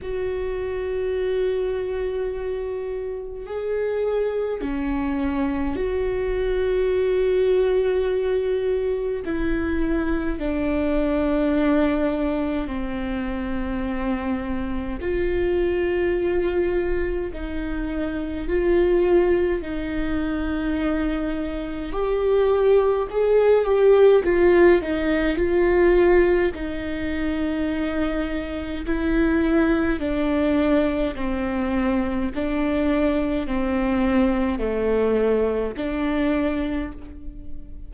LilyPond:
\new Staff \with { instrumentName = "viola" } { \time 4/4 \tempo 4 = 52 fis'2. gis'4 | cis'4 fis'2. | e'4 d'2 c'4~ | c'4 f'2 dis'4 |
f'4 dis'2 g'4 | gis'8 g'8 f'8 dis'8 f'4 dis'4~ | dis'4 e'4 d'4 c'4 | d'4 c'4 a4 d'4 | }